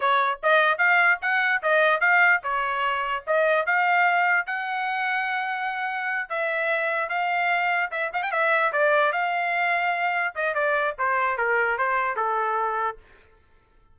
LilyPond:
\new Staff \with { instrumentName = "trumpet" } { \time 4/4 \tempo 4 = 148 cis''4 dis''4 f''4 fis''4 | dis''4 f''4 cis''2 | dis''4 f''2 fis''4~ | fis''2.~ fis''8 e''8~ |
e''4. f''2 e''8 | f''16 g''16 e''4 d''4 f''4.~ | f''4. dis''8 d''4 c''4 | ais'4 c''4 a'2 | }